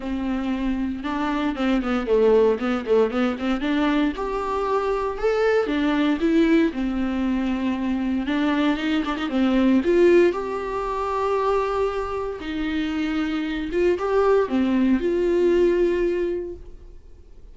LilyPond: \new Staff \with { instrumentName = "viola" } { \time 4/4 \tempo 4 = 116 c'2 d'4 c'8 b8 | a4 b8 a8 b8 c'8 d'4 | g'2 a'4 d'4 | e'4 c'2. |
d'4 dis'8 d'16 dis'16 c'4 f'4 | g'1 | dis'2~ dis'8 f'8 g'4 | c'4 f'2. | }